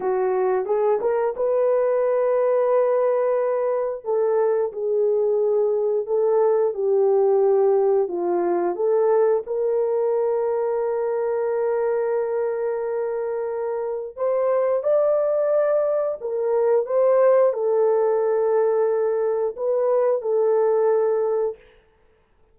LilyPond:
\new Staff \with { instrumentName = "horn" } { \time 4/4 \tempo 4 = 89 fis'4 gis'8 ais'8 b'2~ | b'2 a'4 gis'4~ | gis'4 a'4 g'2 | f'4 a'4 ais'2~ |
ais'1~ | ais'4 c''4 d''2 | ais'4 c''4 a'2~ | a'4 b'4 a'2 | }